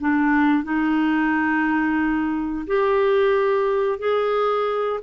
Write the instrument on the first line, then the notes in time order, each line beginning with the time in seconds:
clarinet
0.00 D4
0.64 D#4
2.67 G4
3.99 G#4